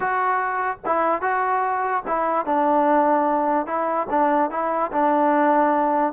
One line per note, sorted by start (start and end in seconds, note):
0.00 0.77 F#4
0.85 1.21 E4
1.21 2.03 F#4
2.07 2.45 E4
2.45 3.66 D4
3.66 4.07 E4
4.10 4.50 D4
4.50 4.91 E4
4.91 6.13 D4